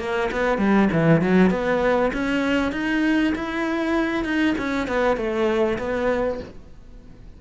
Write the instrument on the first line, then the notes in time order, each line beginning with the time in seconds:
cello
0.00 A#3
0.32 B3
0.58 G3
0.92 E3
1.22 F#3
1.51 B3
2.13 C#4
2.72 D#4
3.35 E4
4.24 D#4
4.58 C#4
4.88 B3
5.17 A3
5.79 B3